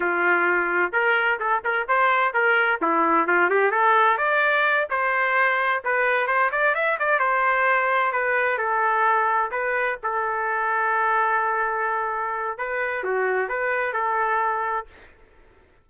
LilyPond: \new Staff \with { instrumentName = "trumpet" } { \time 4/4 \tempo 4 = 129 f'2 ais'4 a'8 ais'8 | c''4 ais'4 e'4 f'8 g'8 | a'4 d''4. c''4.~ | c''8 b'4 c''8 d''8 e''8 d''8 c''8~ |
c''4. b'4 a'4.~ | a'8 b'4 a'2~ a'8~ | a'2. b'4 | fis'4 b'4 a'2 | }